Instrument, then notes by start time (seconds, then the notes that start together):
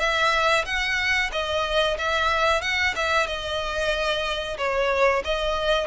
violin
0.00 E5
0.66 F#5
1.33 D#5
1.99 E5
2.62 F#5
2.96 E5
3.27 D#5
4.58 C#5
5.25 D#5